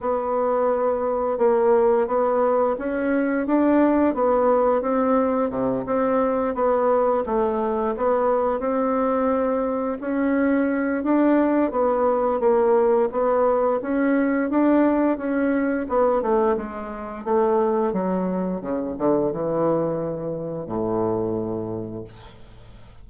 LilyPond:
\new Staff \with { instrumentName = "bassoon" } { \time 4/4 \tempo 4 = 87 b2 ais4 b4 | cis'4 d'4 b4 c'4 | c8 c'4 b4 a4 b8~ | b8 c'2 cis'4. |
d'4 b4 ais4 b4 | cis'4 d'4 cis'4 b8 a8 | gis4 a4 fis4 cis8 d8 | e2 a,2 | }